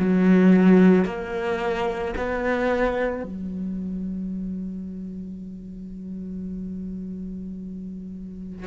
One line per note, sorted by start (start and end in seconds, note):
0.00 1.05 F#3
1.05 2.14 A#3
2.17 3.23 B3
3.23 8.67 F#3